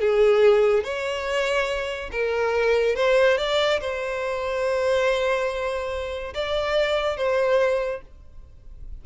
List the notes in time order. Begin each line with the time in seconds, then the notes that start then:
0.00 G#4
0.83 C#5
2.11 A#4
2.95 C5
3.37 D5
3.80 C5
6.34 D5
7.17 C5